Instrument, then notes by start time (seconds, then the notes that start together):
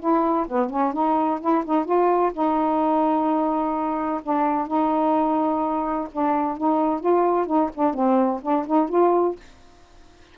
saxophone
0.00 E4
0.48 B3
0.70 C#4
0.93 D#4
1.41 E4
1.66 D#4
1.85 F4
2.34 D#4
4.23 D4
4.68 D#4
6.12 D4
6.58 D#4
7.01 F4
7.47 D#4
7.75 D4
7.94 C4
8.42 D4
8.67 D#4
8.89 F4